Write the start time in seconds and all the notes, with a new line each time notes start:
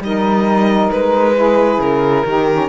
0.00 G3 D#4 D#5
0.06 A#4
0.91 G#3 B4
1.36 E4 G#4
1.78 C#3 A#4
2.25 D#3 D#4 G4
2.51 C#4